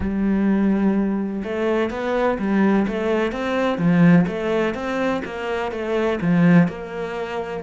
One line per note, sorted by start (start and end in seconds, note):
0.00 1.42 G3
1.43 1.90 A3
1.90 2.38 B3
2.39 2.86 G3
2.87 3.32 A3
3.32 3.77 C4
3.77 4.25 F3
4.27 4.74 A3
4.74 5.22 C4
5.24 5.71 A#3
5.71 6.19 A3
6.21 6.68 F3
6.68 7.63 A#3